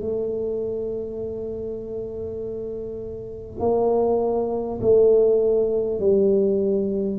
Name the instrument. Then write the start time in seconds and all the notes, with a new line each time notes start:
tuba
0.00 A3
3.59 A#3
4.81 A3
5.99 G3